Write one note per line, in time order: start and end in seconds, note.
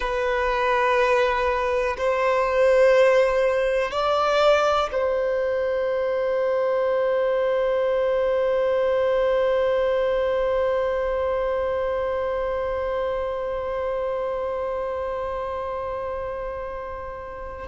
0.00 1.96 B4
1.97 3.91 C5
3.91 4.89 D5
4.92 17.67 C5